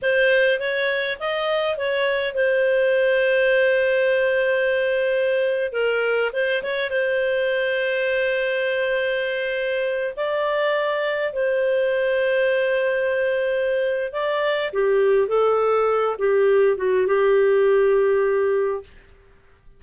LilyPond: \new Staff \with { instrumentName = "clarinet" } { \time 4/4 \tempo 4 = 102 c''4 cis''4 dis''4 cis''4 | c''1~ | c''4.~ c''16 ais'4 c''8 cis''8 c''16~ | c''1~ |
c''4~ c''16 d''2 c''8.~ | c''1 | d''4 g'4 a'4. g'8~ | g'8 fis'8 g'2. | }